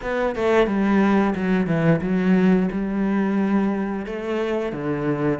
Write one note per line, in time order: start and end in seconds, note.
0.02 0.36 B3
0.36 0.66 A3
0.66 1.34 G3
1.35 1.66 F#3
1.66 2.00 E3
2.01 2.69 F#3
2.71 4.06 G3
4.06 4.72 A3
4.72 5.39 D3